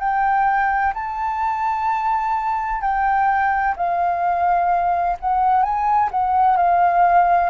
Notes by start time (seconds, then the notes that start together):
0.00 G5
0.95 A5
2.82 G5
3.77 F5
5.20 F#5
5.63 G#5
6.12 F#5
6.57 F5